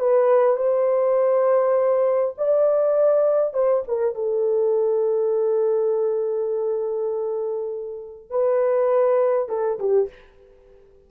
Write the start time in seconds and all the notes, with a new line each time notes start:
0.00 B4
0.57 C5
2.38 D5
3.54 C5
3.88 A#4
4.16 A4
8.31 B4
9.49 A4
9.80 G4